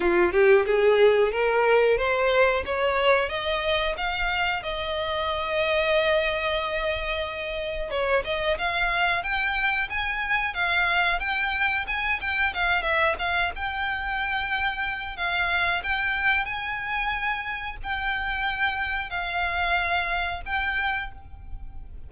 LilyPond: \new Staff \with { instrumentName = "violin" } { \time 4/4 \tempo 4 = 91 f'8 g'8 gis'4 ais'4 c''4 | cis''4 dis''4 f''4 dis''4~ | dis''1 | cis''8 dis''8 f''4 g''4 gis''4 |
f''4 g''4 gis''8 g''8 f''8 e''8 | f''8 g''2~ g''8 f''4 | g''4 gis''2 g''4~ | g''4 f''2 g''4 | }